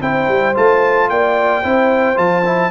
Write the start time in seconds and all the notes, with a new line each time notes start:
0.00 C4 E4 C5 G5
0.28 G3
0.55 A3 F4 A5
1.10 A#3 D5 G5
1.63 C4 E4 C5
2.16 F3 F4 A5
2.46 E4